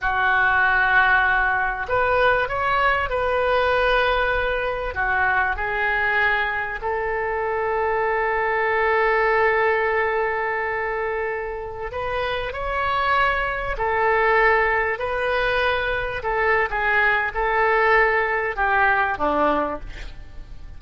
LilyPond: \new Staff \with { instrumentName = "oboe" } { \time 4/4 \tempo 4 = 97 fis'2. b'4 | cis''4 b'2. | fis'4 gis'2 a'4~ | a'1~ |
a'2.~ a'16 b'8.~ | b'16 cis''2 a'4.~ a'16~ | a'16 b'2 a'8. gis'4 | a'2 g'4 d'4 | }